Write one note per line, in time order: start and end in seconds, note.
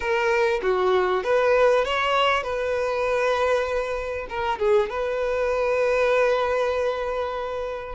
0.00 0.60 A#4
0.62 1.23 F#4
1.23 1.84 B4
1.84 2.43 C#5
2.43 4.27 B4
4.29 4.59 A#4
4.59 4.89 G#4
4.89 7.95 B4